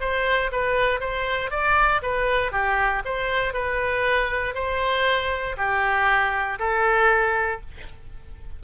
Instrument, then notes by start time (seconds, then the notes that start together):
oboe
0.00 C5
0.51 B4
1.00 C5
1.50 D5
2.02 B4
2.51 G4
3.05 C5
3.53 B4
4.54 C5
5.57 G4
6.59 A4